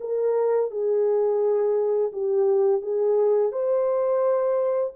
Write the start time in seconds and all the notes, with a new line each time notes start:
0.00 A#4
0.70 G#4
2.12 G4
2.81 G#4
3.52 C5